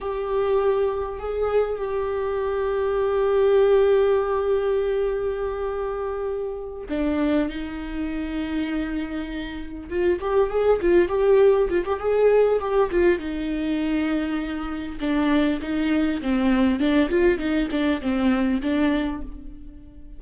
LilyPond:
\new Staff \with { instrumentName = "viola" } { \time 4/4 \tempo 4 = 100 g'2 gis'4 g'4~ | g'1~ | g'2.~ g'8 d'8~ | d'8 dis'2.~ dis'8~ |
dis'8 f'8 g'8 gis'8 f'8 g'4 f'16 g'16 | gis'4 g'8 f'8 dis'2~ | dis'4 d'4 dis'4 c'4 | d'8 f'8 dis'8 d'8 c'4 d'4 | }